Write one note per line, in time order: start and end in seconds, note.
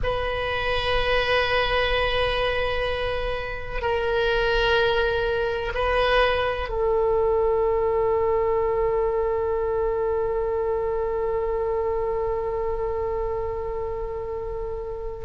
0.03 3.81 B4
3.81 5.72 A#4
5.74 6.68 B4
6.68 15.25 A4